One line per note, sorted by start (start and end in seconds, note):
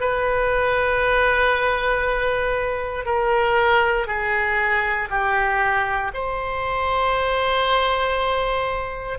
0.00 3.05 B4
3.05 4.07 A#4
4.07 5.08 G#4
5.09 6.11 G4
6.13 9.18 C5